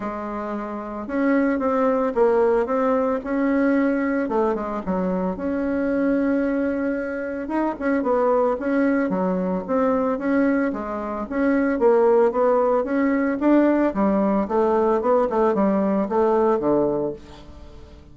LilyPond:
\new Staff \with { instrumentName = "bassoon" } { \time 4/4 \tempo 4 = 112 gis2 cis'4 c'4 | ais4 c'4 cis'2 | a8 gis8 fis4 cis'2~ | cis'2 dis'8 cis'8 b4 |
cis'4 fis4 c'4 cis'4 | gis4 cis'4 ais4 b4 | cis'4 d'4 g4 a4 | b8 a8 g4 a4 d4 | }